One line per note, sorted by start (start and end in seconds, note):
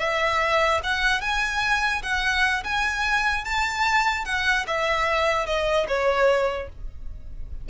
0.00 0.81 E5
0.84 1.21 F#5
1.21 2.03 G#5
2.03 2.64 F#5
2.64 3.45 G#5
3.45 4.26 A5
4.26 4.66 F#5
4.68 5.46 E5
5.46 5.87 D#5
5.88 6.69 C#5